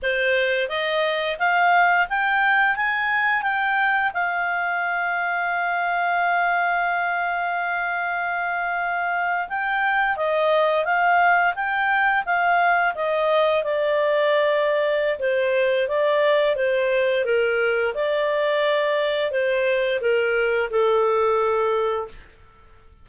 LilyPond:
\new Staff \with { instrumentName = "clarinet" } { \time 4/4 \tempo 4 = 87 c''4 dis''4 f''4 g''4 | gis''4 g''4 f''2~ | f''1~ | f''4.~ f''16 g''4 dis''4 f''16~ |
f''8. g''4 f''4 dis''4 d''16~ | d''2 c''4 d''4 | c''4 ais'4 d''2 | c''4 ais'4 a'2 | }